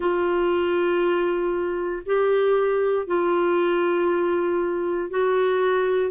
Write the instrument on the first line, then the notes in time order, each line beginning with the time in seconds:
clarinet
0.00 F4
2.05 G4
3.06 F4
5.09 F#4